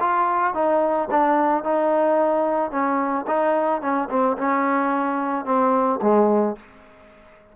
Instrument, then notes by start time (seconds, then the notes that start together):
trombone
0.00 F4
0.54 D#4
1.10 D4
1.63 D#4
2.71 C#4
3.27 D#4
3.81 C#4
4.09 C4
4.37 C#4
5.45 C4
6.01 G#3